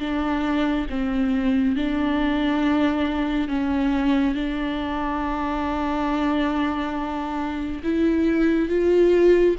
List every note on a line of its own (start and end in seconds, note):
0.00 0.87 D4
0.90 1.76 C4
1.76 3.49 D4
3.49 4.35 C#4
4.35 7.83 D4
7.84 8.69 E4
8.69 9.56 F4